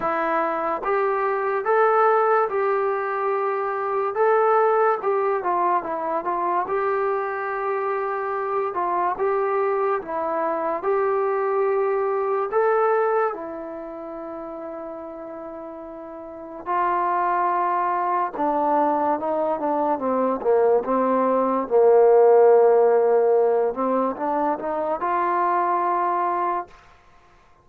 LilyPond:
\new Staff \with { instrumentName = "trombone" } { \time 4/4 \tempo 4 = 72 e'4 g'4 a'4 g'4~ | g'4 a'4 g'8 f'8 e'8 f'8 | g'2~ g'8 f'8 g'4 | e'4 g'2 a'4 |
e'1 | f'2 d'4 dis'8 d'8 | c'8 ais8 c'4 ais2~ | ais8 c'8 d'8 dis'8 f'2 | }